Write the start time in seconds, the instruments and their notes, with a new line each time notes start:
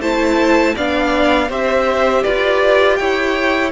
0.00 cello A3, viola E4, violin C5 A5
0.76 cello B3, viola D4, violin D5 F5
1.49 cello C4, viola G4, violin C5 E5
2.23 cello F4, violin B4 D5
2.96 cello E4, violin C#5 G5